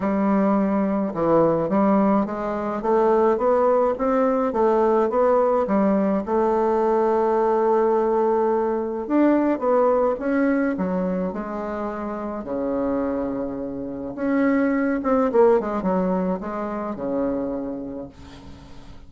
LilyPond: \new Staff \with { instrumentName = "bassoon" } { \time 4/4 \tempo 4 = 106 g2 e4 g4 | gis4 a4 b4 c'4 | a4 b4 g4 a4~ | a1 |
d'4 b4 cis'4 fis4 | gis2 cis2~ | cis4 cis'4. c'8 ais8 gis8 | fis4 gis4 cis2 | }